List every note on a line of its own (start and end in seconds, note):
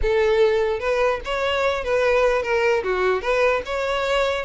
0.02 0.79 A4
0.79 1.20 B4
1.25 1.84 C#5
1.84 2.42 B4
2.42 2.83 A#4
2.83 3.21 F#4
3.21 3.62 B4
3.65 4.45 C#5